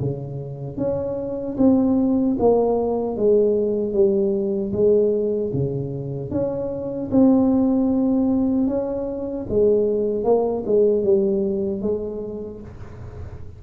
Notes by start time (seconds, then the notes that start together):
0.00 C#3
0.78 C#4
1.58 C4
2.39 A#3
3.17 G#3
3.93 G3
4.72 G#3
5.53 C#3
6.31 C#4
7.11 C4
8.67 C#4
9.49 G#3
10.24 A#3
10.66 G#3
11.04 G3
11.82 G#3